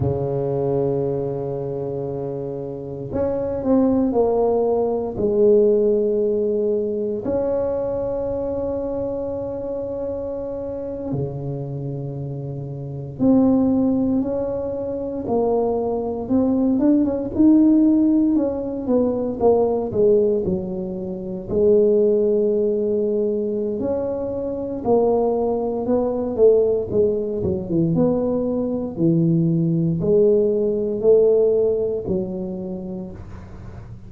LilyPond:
\new Staff \with { instrumentName = "tuba" } { \time 4/4 \tempo 4 = 58 cis2. cis'8 c'8 | ais4 gis2 cis'4~ | cis'2~ cis'8. cis4~ cis16~ | cis8. c'4 cis'4 ais4 c'16~ |
c'16 d'16 cis'16 dis'4 cis'8 b8 ais8 gis8 fis16~ | fis8. gis2~ gis16 cis'4 | ais4 b8 a8 gis8 fis16 e16 b4 | e4 gis4 a4 fis4 | }